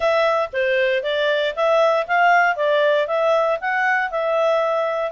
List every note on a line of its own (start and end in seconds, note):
0.00 0.49 E5
0.53 1.03 C5
1.03 1.54 D5
1.55 2.07 E5
2.07 2.56 F5
2.56 3.07 D5
3.07 3.58 E5
3.60 4.10 F#5
4.10 5.11 E5